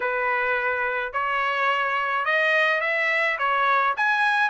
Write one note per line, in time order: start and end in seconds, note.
0.00 1.12 B4
1.12 2.25 C#5
2.25 2.80 D#5
2.80 3.37 E5
3.38 3.95 C#5
3.96 4.49 G#5